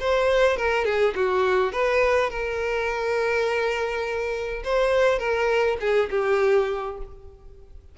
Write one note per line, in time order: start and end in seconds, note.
0.00 0.57 C5
0.57 0.85 A#4
0.85 1.14 G#4
1.15 1.72 F#4
1.72 2.30 B4
2.30 4.63 A#4
4.64 5.19 C5
5.19 5.77 A#4
5.80 6.09 G#4
6.10 6.98 G4